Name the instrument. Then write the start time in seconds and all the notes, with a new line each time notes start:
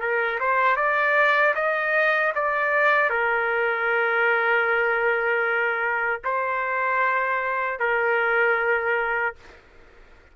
trumpet
0.00 A#4
0.40 C5
0.77 D5
1.55 D#5
2.35 D5
3.10 A#4
6.24 C5
7.80 A#4